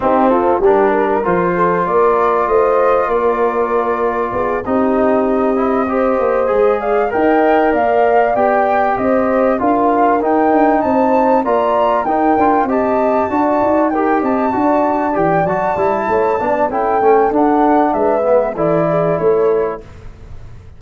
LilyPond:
<<
  \new Staff \with { instrumentName = "flute" } { \time 4/4 \tempo 4 = 97 g'8 a'8 ais'4 c''4 d''4 | dis''4 d''2~ d''8 dis''8~ | dis''2. f''8 g''8~ | g''8 f''4 g''4 dis''4 f''8~ |
f''8 g''4 a''4 ais''4 g''8~ | g''8 a''2 g''8 a''4~ | a''8 g''8 a''2 g''4 | fis''4 e''4 d''4 cis''4 | }
  \new Staff \with { instrumentName = "horn" } { \time 4/4 dis'8 f'8 g'8 ais'4 a'8 ais'4 | c''4 ais'2 gis'8 g'8~ | g'4. c''4. d''8 dis''8~ | dis''8 d''2 c''4 ais'8~ |
ais'4. c''4 d''4 ais'8~ | ais'8 dis''4 d''4 ais'8 dis''8 d''8~ | d''2 cis''8 d''8 a'4~ | a'4 b'4 a'8 gis'8 a'4 | }
  \new Staff \with { instrumentName = "trombone" } { \time 4/4 c'4 d'4 f'2~ | f'2.~ f'8 dis'8~ | dis'4 e'8 g'4 gis'4 ais'8~ | ais'4. g'2 f'8~ |
f'8 dis'2 f'4 dis'8 | f'8 g'4 fis'4 g'4 fis'8~ | fis'8 g'8 fis'8 e'4 d'8 e'8 cis'8 | d'4. b8 e'2 | }
  \new Staff \with { instrumentName = "tuba" } { \time 4/4 c'4 g4 f4 ais4 | a4 ais2 b8 c'8~ | c'2 ais8 gis4 dis'8~ | dis'8 ais4 b4 c'4 d'8~ |
d'8 dis'8 d'8 c'4 ais4 dis'8 | d'8 c'4 d'8 dis'4 c'8 d'8~ | d'8 e8 fis8 g8 a8 b8 cis'8 a8 | d'4 gis4 e4 a4 | }
>>